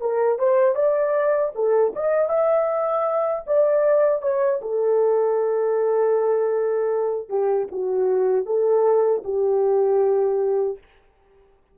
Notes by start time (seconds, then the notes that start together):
0.00 A#4
0.38 C5
0.75 D5
1.55 A4
1.95 D#5
2.29 E5
3.47 D5
4.22 C#5
4.62 A4
7.29 G4
7.71 F#4
8.46 A4
9.24 G4